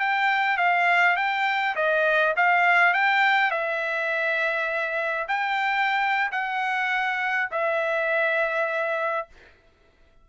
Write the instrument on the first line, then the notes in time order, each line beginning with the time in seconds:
trumpet
0.00 G5
0.58 F5
1.17 G5
1.76 D#5
2.37 F5
2.94 G5
3.51 E5
5.28 G5
6.32 F#5
7.52 E5